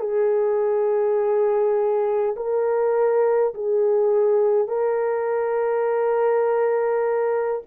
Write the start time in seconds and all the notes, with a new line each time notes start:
0.00 G#4
2.36 A#4
3.54 G#4
4.68 A#4